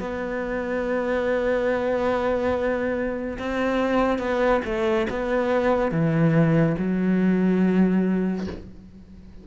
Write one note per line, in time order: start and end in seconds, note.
0.00 3.38 B3
3.39 4.19 C4
4.19 4.61 B3
4.65 5.07 A3
5.10 5.92 B3
5.92 6.76 E3
6.78 8.47 F#3